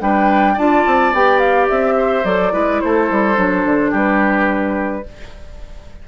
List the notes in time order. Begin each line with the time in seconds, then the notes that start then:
0.00 G3 D4 B4 G5
0.53 D4 F4 D5 A5
0.86 C4
1.13 B3 G4 G5
1.39 F5
1.68 C4 E5
1.97 C5
2.24 F#3 A4 D5
2.52 G#3 E4 B4
2.80 A3 A4 C5
3.10 G3
3.35 F#3 D4
3.65 D3
3.90 G3 G4 B4